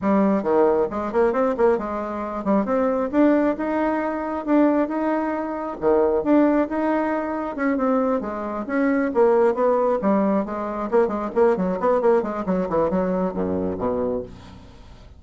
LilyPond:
\new Staff \with { instrumentName = "bassoon" } { \time 4/4 \tempo 4 = 135 g4 dis4 gis8 ais8 c'8 ais8 | gis4. g8 c'4 d'4 | dis'2 d'4 dis'4~ | dis'4 dis4 d'4 dis'4~ |
dis'4 cis'8 c'4 gis4 cis'8~ | cis'8 ais4 b4 g4 gis8~ | gis8 ais8 gis8 ais8 fis8 b8 ais8 gis8 | fis8 e8 fis4 fis,4 b,4 | }